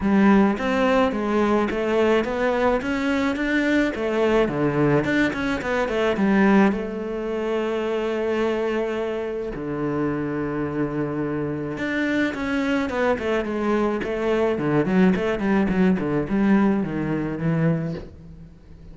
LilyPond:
\new Staff \with { instrumentName = "cello" } { \time 4/4 \tempo 4 = 107 g4 c'4 gis4 a4 | b4 cis'4 d'4 a4 | d4 d'8 cis'8 b8 a8 g4 | a1~ |
a4 d2.~ | d4 d'4 cis'4 b8 a8 | gis4 a4 d8 fis8 a8 g8 | fis8 d8 g4 dis4 e4 | }